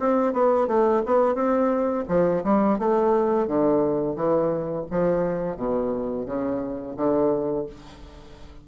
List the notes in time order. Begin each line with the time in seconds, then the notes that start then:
0.00 C4
0.33 B3
0.68 A3
1.06 B3
1.35 C4
2.08 F3
2.44 G3
2.79 A3
3.48 D3
4.16 E3
4.91 F3
5.57 B2
6.26 C#3
6.97 D3